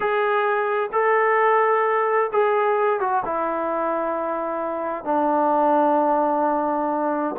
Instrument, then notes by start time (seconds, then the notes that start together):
trombone
0.00 G#4
0.92 A4
2.32 G#4
3.00 F#4
3.25 E4
5.04 D4